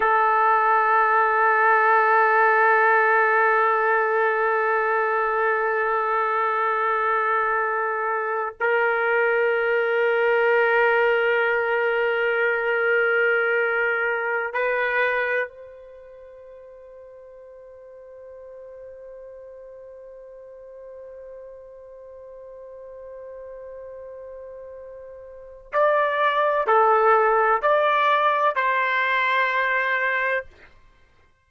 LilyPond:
\new Staff \with { instrumentName = "trumpet" } { \time 4/4 \tempo 4 = 63 a'1~ | a'1~ | a'4 ais'2.~ | ais'2.~ ais'16 b'8.~ |
b'16 c''2.~ c''8.~ | c''1~ | c''2. d''4 | a'4 d''4 c''2 | }